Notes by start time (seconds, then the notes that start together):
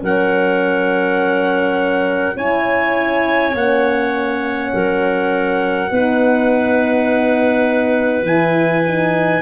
0.00 F#3 C#4 A#4 F#5
2.36 C#4 E4 C#5 G#5
3.54 A#3 C#4 F#5
4.74 F#3 A#4
5.91 B3 D#4 B4
8.23 E3 E4 G#5
8.87 D#4